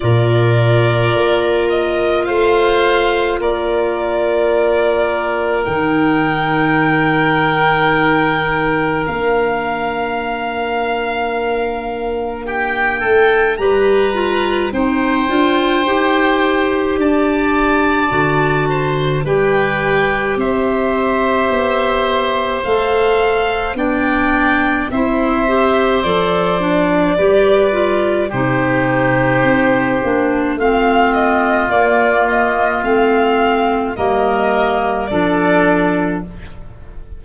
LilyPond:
<<
  \new Staff \with { instrumentName = "violin" } { \time 4/4 \tempo 4 = 53 d''4. dis''8 f''4 d''4~ | d''4 g''2. | f''2. g''4 | ais''4 g''2 a''4~ |
a''4 g''4 e''2 | f''4 g''4 e''4 d''4~ | d''4 c''2 f''8 dis''8 | d''8 dis''8 f''4 dis''4 d''4 | }
  \new Staff \with { instrumentName = "oboe" } { \time 4/4 ais'2 c''4 ais'4~ | ais'1~ | ais'2. g'8 a'8 | b'4 c''2 d''4~ |
d''8 c''8 b'4 c''2~ | c''4 d''4 c''2 | b'4 g'2 f'4~ | f'2 ais'4 a'4 | }
  \new Staff \with { instrumentName = "clarinet" } { \time 4/4 f'1~ | f'4 dis'2. | d'1 | g'8 f'8 dis'8 f'8 g'2 |
fis'4 g'2. | a'4 d'4 e'8 g'8 a'8 d'8 | g'8 f'8 dis'4. d'8 c'4 | ais4 c'4 ais4 d'4 | }
  \new Staff \with { instrumentName = "tuba" } { \time 4/4 ais,4 ais4 a4 ais4~ | ais4 dis2. | ais2.~ ais8 a8 | g4 c'8 d'8 dis'4 d'4 |
d4 g4 c'4 b4 | a4 b4 c'4 f4 | g4 c4 c'8 ais8 a4 | ais4 a4 g4 f4 | }
>>